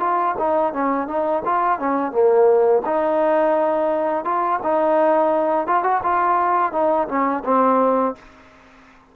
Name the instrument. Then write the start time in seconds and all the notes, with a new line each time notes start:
trombone
0.00 F4
0.39 D#4
0.73 C#4
1.08 D#4
1.45 F4
1.79 C#4
2.12 A#3
2.86 D#4
4.25 F4
4.63 D#4
5.68 F4
5.84 F#4
6.04 F4
6.73 D#4
7.09 C#4
7.45 C4